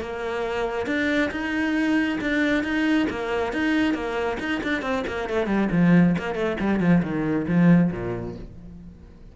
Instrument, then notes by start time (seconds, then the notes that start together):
cello
0.00 A#3
0.86 D4
1.31 D#4
2.21 D4
2.63 D#4
3.10 A#3
3.53 D#4
3.94 A#3
4.39 D#4
4.63 D4
4.82 C4
5.07 A#3
5.29 A3
5.46 G3
5.71 F3
6.18 A#3
6.34 A3
6.60 G3
6.80 F3
7.02 D#3
7.47 F3
7.91 A#2